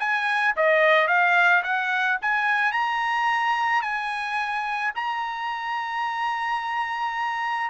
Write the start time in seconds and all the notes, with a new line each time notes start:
0.00 G#5
0.57 D#5
1.08 F5
1.64 F#5
2.22 G#5
2.73 A#5
3.82 G#5
4.96 A#5